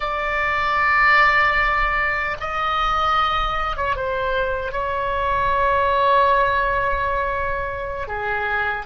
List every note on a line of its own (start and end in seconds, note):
0.00 2.36 D5
2.40 3.76 D#5
3.76 3.95 C#5
3.95 4.72 C5
4.72 8.07 C#5
8.07 8.86 G#4